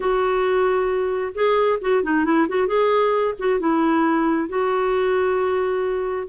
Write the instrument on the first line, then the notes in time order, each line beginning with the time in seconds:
clarinet
0.00 F#4
1.34 G#4
1.81 F#4
2.03 D#4
2.24 E4
2.48 F#4
2.67 G#4
3.38 F#4
3.59 E4
4.48 F#4